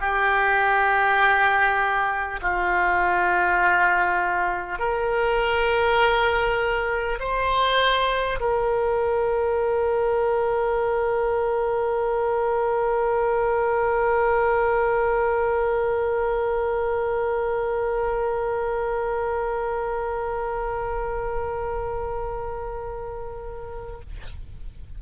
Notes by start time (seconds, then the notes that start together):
0.00 G4
2.41 F4
4.78 A#4
7.19 C5
8.40 A#4